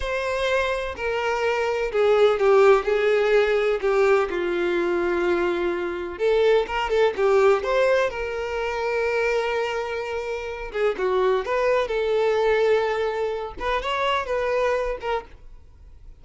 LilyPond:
\new Staff \with { instrumentName = "violin" } { \time 4/4 \tempo 4 = 126 c''2 ais'2 | gis'4 g'4 gis'2 | g'4 f'2.~ | f'4 a'4 ais'8 a'8 g'4 |
c''4 ais'2.~ | ais'2~ ais'8 gis'8 fis'4 | b'4 a'2.~ | a'8 b'8 cis''4 b'4. ais'8 | }